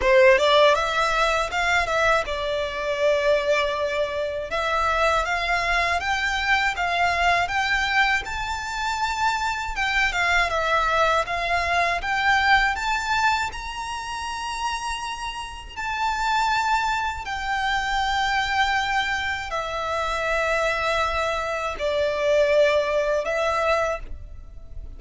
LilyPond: \new Staff \with { instrumentName = "violin" } { \time 4/4 \tempo 4 = 80 c''8 d''8 e''4 f''8 e''8 d''4~ | d''2 e''4 f''4 | g''4 f''4 g''4 a''4~ | a''4 g''8 f''8 e''4 f''4 |
g''4 a''4 ais''2~ | ais''4 a''2 g''4~ | g''2 e''2~ | e''4 d''2 e''4 | }